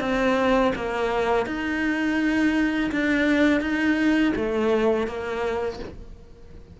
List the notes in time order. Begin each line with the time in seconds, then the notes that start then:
0.00 C4
0.75 A#3
1.46 D#4
2.91 D4
3.61 D#4
4.35 A3
5.07 A#3